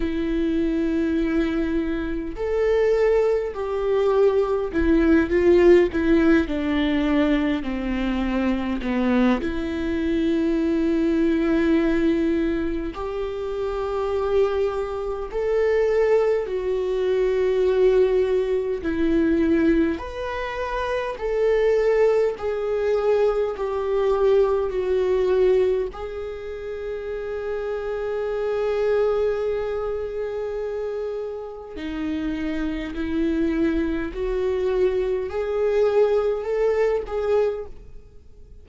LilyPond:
\new Staff \with { instrumentName = "viola" } { \time 4/4 \tempo 4 = 51 e'2 a'4 g'4 | e'8 f'8 e'8 d'4 c'4 b8 | e'2. g'4~ | g'4 a'4 fis'2 |
e'4 b'4 a'4 gis'4 | g'4 fis'4 gis'2~ | gis'2. dis'4 | e'4 fis'4 gis'4 a'8 gis'8 | }